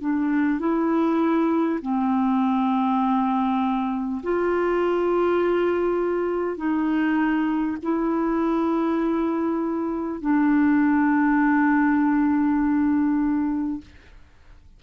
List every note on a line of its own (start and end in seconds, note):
0.00 0.59 D4
0.59 1.79 E4
1.82 4.22 C4
4.23 6.57 F4
6.57 7.77 D#4
7.82 10.21 E4
10.21 13.81 D4